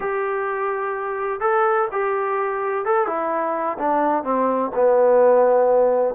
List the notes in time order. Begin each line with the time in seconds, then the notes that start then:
0.00 G4
1.40 A4
1.91 G4
2.85 A4
3.06 E4
3.78 D4
4.23 C4
4.75 B3